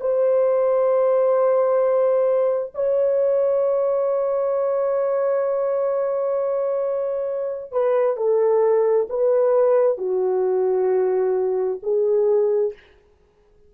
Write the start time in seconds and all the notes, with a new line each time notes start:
0.00 C5
2.75 C#5
7.72 B4
8.16 A4
9.09 B4
9.98 F#4
11.82 G#4